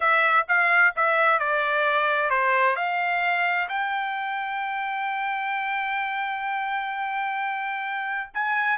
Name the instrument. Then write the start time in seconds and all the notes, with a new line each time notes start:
trumpet
0.00 E5
0.47 F5
0.96 E5
1.39 D5
2.30 C5
2.76 F5
3.68 G5
8.33 G#5